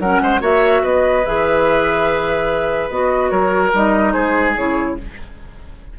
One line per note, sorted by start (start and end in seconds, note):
0.00 0.21 F#3
0.00 0.41 C#4
0.00 0.22 A#4
0.00 0.42 F#5
0.22 0.42 G#3
0.22 0.41 C5
0.41 0.83 A#3
0.41 1.23 F#4
0.41 0.83 C#5
0.41 0.85 E5
0.83 1.25 B3
0.83 3.31 B4
0.83 1.26 D#5
1.26 2.90 E3
1.26 2.92 G#4
1.26 2.91 E5
2.90 3.32 B3
2.90 3.74 F#4
2.90 3.31 D#5
3.31 3.73 F#3
3.31 4.14 A#4
3.31 3.72 C#5
3.74 4.15 G3
3.74 4.57 D#4
3.74 4.13 D#5
4.13 4.58 G#3
4.13 4.96 G#4
4.13 4.54 C5
4.57 4.99 C#3
4.57 4.98 E4
4.57 4.98 C#5